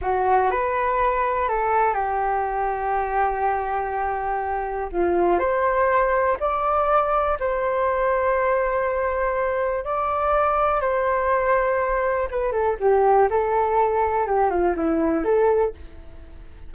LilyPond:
\new Staff \with { instrumentName = "flute" } { \time 4/4 \tempo 4 = 122 fis'4 b'2 a'4 | g'1~ | g'2 f'4 c''4~ | c''4 d''2 c''4~ |
c''1 | d''2 c''2~ | c''4 b'8 a'8 g'4 a'4~ | a'4 g'8 f'8 e'4 a'4 | }